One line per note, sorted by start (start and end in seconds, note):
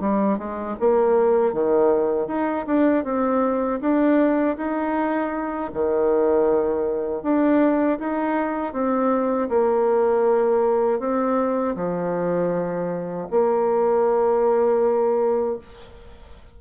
0.00 0.38 G3
0.38 0.76 G#3
0.79 1.53 A#3
1.53 2.27 D#3
2.27 2.65 D#4
2.67 3.04 D4
3.04 3.80 C4
3.80 4.56 D4
4.57 5.71 D#4
5.73 7.23 D#3
7.23 7.99 D4
7.99 8.73 D#4
8.73 9.49 C4
9.49 10.99 A#3
10.99 11.75 C4
11.75 13.27 F3
13.30 15.58 A#3